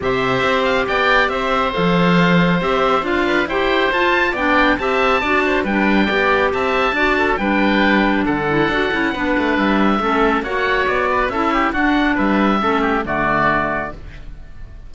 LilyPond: <<
  \new Staff \with { instrumentName = "oboe" } { \time 4/4 \tempo 4 = 138 e''4. f''8 g''4 e''4 | f''2 e''4 f''4 | g''4 a''4 g''4 a''4~ | a''4 g''2 a''4~ |
a''4 g''2 fis''4~ | fis''2 e''2 | fis''4 d''4 e''4 fis''4 | e''2 d''2 | }
  \new Staff \with { instrumentName = "oboe" } { \time 4/4 c''2 d''4 c''4~ | c''2.~ c''8 b'8 | c''2 d''4 e''4 | d''8 c''8 b'4 d''4 e''4 |
d''8 a'8 b'2 a'4~ | a'4 b'2 a'4 | cis''4. b'8 a'8 g'8 fis'4 | b'4 a'8 g'8 fis'2 | }
  \new Staff \with { instrumentName = "clarinet" } { \time 4/4 g'1 | a'2 g'4 f'4 | g'4 f'4 d'4 g'4 | fis'4 d'4 g'2 |
fis'4 d'2~ d'8 e'8 | fis'8 e'8 d'2 cis'4 | fis'2 e'4 d'4~ | d'4 cis'4 a2 | }
  \new Staff \with { instrumentName = "cello" } { \time 4/4 c4 c'4 b4 c'4 | f2 c'4 d'4 | e'4 f'4 b4 c'4 | d'4 g4 b4 c'4 |
d'4 g2 d4 | d'8 cis'8 b8 a8 g4 a4 | ais4 b4 cis'4 d'4 | g4 a4 d2 | }
>>